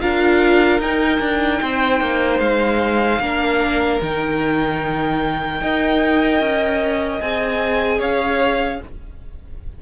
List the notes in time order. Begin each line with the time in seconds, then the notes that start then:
0.00 D4 F4 A#4 F5
0.79 D#4 G5
1.20 D4
1.61 C4 C5
2.00 A#3
2.39 G#3 F5
3.20 A#3 D4 A#4
4.01 D#3 D#4 G5
5.61 D#4 A#4 D#5
6.40 C#4
7.20 C4 G#4 G#5
7.99 C#4 C#5 F5